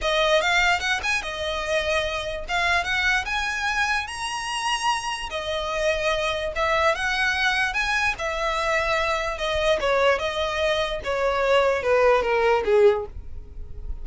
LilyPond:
\new Staff \with { instrumentName = "violin" } { \time 4/4 \tempo 4 = 147 dis''4 f''4 fis''8 gis''8 dis''4~ | dis''2 f''4 fis''4 | gis''2 ais''2~ | ais''4 dis''2. |
e''4 fis''2 gis''4 | e''2. dis''4 | cis''4 dis''2 cis''4~ | cis''4 b'4 ais'4 gis'4 | }